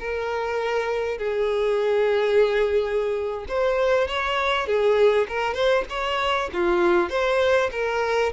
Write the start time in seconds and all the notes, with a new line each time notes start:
0.00 A#4
1.19 G#4
3.49 C5
4.08 C#5
4.67 G#4
5.29 A#4
5.55 C5
5.90 C#5
6.54 F4
7.10 C5
7.72 A#4